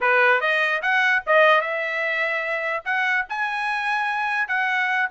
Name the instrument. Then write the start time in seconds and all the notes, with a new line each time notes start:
trumpet
0.00 B4
0.41 D#5
0.82 F#5
1.26 D#5
1.61 E5
2.85 F#5
3.29 G#5
4.47 F#5